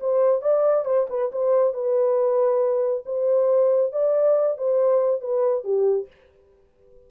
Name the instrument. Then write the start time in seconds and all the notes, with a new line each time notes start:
horn
0.00 C5
0.42 D5
0.85 C5
1.09 B4
1.32 C5
1.74 B4
3.06 C5
3.92 D5
4.58 C5
5.21 B4
5.64 G4